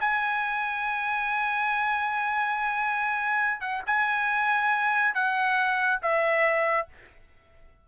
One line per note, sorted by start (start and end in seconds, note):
0.00 3.61 G#5
3.61 3.82 F#5
3.86 5.14 G#5
5.14 6.00 F#5
6.02 6.88 E5